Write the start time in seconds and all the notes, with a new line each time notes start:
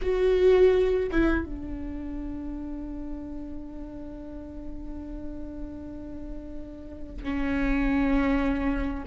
0.01 F#4
1.11 E4
1.45 D4
7.23 C#4